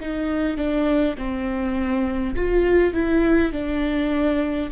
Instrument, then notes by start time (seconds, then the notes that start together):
viola
0.00 D#4
0.57 D4
1.18 C4
2.36 F4
2.94 E4
3.52 D4